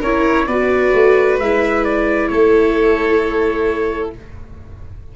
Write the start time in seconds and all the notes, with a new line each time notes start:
0.00 C#4 E4 A#4 C#5
0.47 B3 F#4 B4 D5
0.94 A3
1.39 G#3 E4 E5
1.84 D5
2.28 A3 A4 C#5